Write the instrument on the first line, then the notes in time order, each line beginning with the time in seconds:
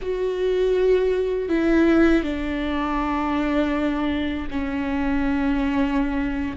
viola
0.01 F#4
1.48 E4
2.23 D4
4.50 C#4